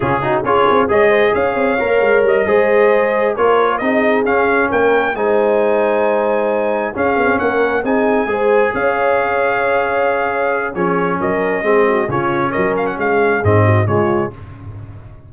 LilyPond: <<
  \new Staff \with { instrumentName = "trumpet" } { \time 4/4 \tempo 4 = 134 gis'4 cis''4 dis''4 f''4~ | f''4 dis''2~ dis''8 cis''8~ | cis''8 dis''4 f''4 g''4 gis''8~ | gis''2.~ gis''8 f''8~ |
f''8 fis''4 gis''2 f''8~ | f''1 | cis''4 dis''2 cis''4 | dis''8 f''16 fis''16 f''4 dis''4 cis''4 | }
  \new Staff \with { instrumentName = "horn" } { \time 4/4 f'8 fis'8 gis'4 cis''8 c''8 cis''4~ | cis''4. c''2 ais'8~ | ais'8 gis'2 ais'4 c''8~ | c''2.~ c''8 gis'8~ |
gis'8 ais'4 gis'4 c''4 cis''8~ | cis''1 | gis'4 ais'4 gis'8 fis'8 f'4 | ais'4 gis'4. fis'8 f'4 | }
  \new Staff \with { instrumentName = "trombone" } { \time 4/4 cis'8 dis'8 f'4 gis'2 | ais'4. gis'2 f'8~ | f'8 dis'4 cis'2 dis'8~ | dis'2.~ dis'8 cis'8~ |
cis'4. dis'4 gis'4.~ | gis'1 | cis'2 c'4 cis'4~ | cis'2 c'4 gis4 | }
  \new Staff \with { instrumentName = "tuba" } { \time 4/4 cis4 cis'8 c'8 gis4 cis'8 c'8 | ais8 gis8 g8 gis2 ais8~ | ais8 c'4 cis'4 ais4 gis8~ | gis2.~ gis8 cis'8 |
b16 c'16 ais4 c'4 gis4 cis'8~ | cis'1 | f4 fis4 gis4 cis4 | fis4 gis4 gis,4 cis4 | }
>>